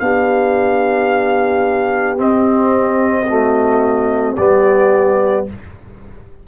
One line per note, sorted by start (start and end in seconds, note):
0.00 2.19 B3
0.00 2.18 D4
0.00 3.29 G4
0.00 2.18 F5
2.18 3.27 C4
2.18 4.38 C4
2.18 4.37 D#5
3.28 4.37 A3
3.28 4.38 F#4
4.37 5.47 G3
4.37 5.47 B3
4.37 5.48 G4
4.37 5.46 D5